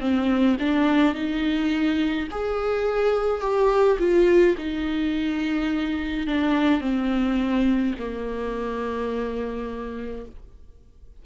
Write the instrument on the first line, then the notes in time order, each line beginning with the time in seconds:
viola
0.00 C4
0.59 D4
1.15 D#4
2.31 G#4
3.41 G4
3.99 F4
4.58 D#4
6.27 D4
6.81 C4
7.99 A#3